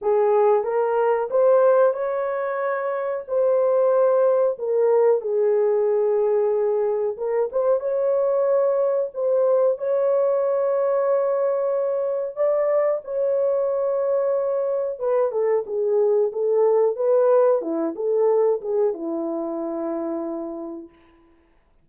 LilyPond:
\new Staff \with { instrumentName = "horn" } { \time 4/4 \tempo 4 = 92 gis'4 ais'4 c''4 cis''4~ | cis''4 c''2 ais'4 | gis'2. ais'8 c''8 | cis''2 c''4 cis''4~ |
cis''2. d''4 | cis''2. b'8 a'8 | gis'4 a'4 b'4 e'8 a'8~ | a'8 gis'8 e'2. | }